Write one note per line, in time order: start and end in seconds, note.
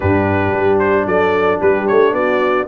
0.00 0.52 G2
0.00 2.68 D4
0.00 1.06 G4
0.00 0.78 B4
0.52 1.06 G3
0.78 1.05 C5
1.06 1.60 F#3
1.06 1.59 A4
1.06 1.60 D5
1.59 1.89 G3
1.59 2.13 G4
1.59 1.87 B4
1.87 2.12 A3
1.87 2.14 C#5
2.12 2.66 B3
2.12 2.67 F#4
2.12 2.67 D5